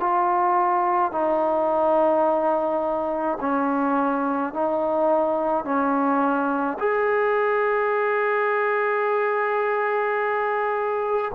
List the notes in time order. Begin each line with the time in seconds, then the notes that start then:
0.00 F4
1.12 D#4
3.41 C#4
4.53 D#4
5.65 C#4
6.79 G#4